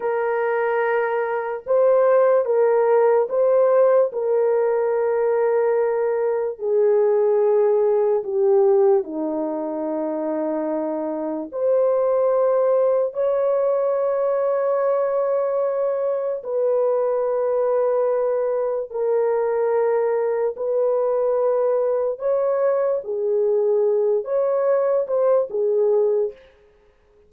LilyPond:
\new Staff \with { instrumentName = "horn" } { \time 4/4 \tempo 4 = 73 ais'2 c''4 ais'4 | c''4 ais'2. | gis'2 g'4 dis'4~ | dis'2 c''2 |
cis''1 | b'2. ais'4~ | ais'4 b'2 cis''4 | gis'4. cis''4 c''8 gis'4 | }